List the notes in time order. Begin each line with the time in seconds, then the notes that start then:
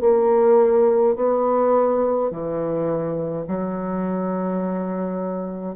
0.00 A#3
1.15 B3
2.30 E3
3.47 F#3